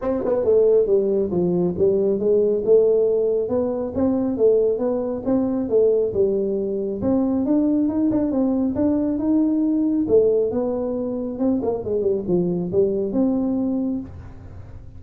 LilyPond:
\new Staff \with { instrumentName = "tuba" } { \time 4/4 \tempo 4 = 137 c'8 b8 a4 g4 f4 | g4 gis4 a2 | b4 c'4 a4 b4 | c'4 a4 g2 |
c'4 d'4 dis'8 d'8 c'4 | d'4 dis'2 a4 | b2 c'8 ais8 gis8 g8 | f4 g4 c'2 | }